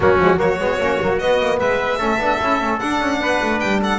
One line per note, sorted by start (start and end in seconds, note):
0.00 0.18 F#3
0.00 0.18 A#3
0.00 0.38 C#4
0.00 0.39 F#4
0.18 0.38 F3
0.18 0.36 G#3
0.36 0.58 F#3
0.36 0.56 A#3
0.36 1.58 F#4
0.36 1.18 C#5
0.58 0.78 G#3
0.58 0.80 B3
0.78 0.98 A#3
0.78 1.00 C#4
1.00 1.21 F#3
1.00 1.20 A#3
1.18 1.39 B3
1.18 1.98 B3
1.18 1.58 D#5
1.39 1.59 A#3
1.59 2.00 G#3
1.59 1.98 B4
1.59 2.79 E5
1.98 2.17 A3
1.98 2.18 C#4
1.98 3.18 A4
2.17 2.37 B3
2.17 2.41 D4
2.41 2.61 C#4
2.41 2.60 E4
2.60 2.81 A3
2.60 2.80 C#4
2.79 3.99 D4
2.79 3.00 D4
2.79 3.59 F#5
3.00 3.20 C#4
3.20 3.40 B3
3.20 3.81 B4
3.42 3.62 A3
3.59 3.99 G3
3.59 3.79 G5
3.81 3.99 A4
3.81 3.99 F#5